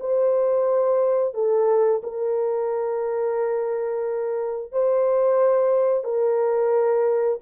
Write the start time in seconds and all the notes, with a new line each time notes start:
0.00 C5
1.34 A4
2.03 A#4
4.72 C5
6.04 A#4